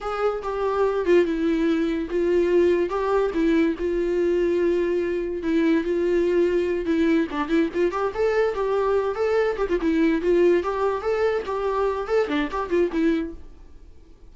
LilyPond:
\new Staff \with { instrumentName = "viola" } { \time 4/4 \tempo 4 = 144 gis'4 g'4. f'8 e'4~ | e'4 f'2 g'4 | e'4 f'2.~ | f'4 e'4 f'2~ |
f'8 e'4 d'8 e'8 f'8 g'8 a'8~ | a'8 g'4. a'4 g'16 f'16 e'8~ | e'8 f'4 g'4 a'4 g'8~ | g'4 a'8 d'8 g'8 f'8 e'4 | }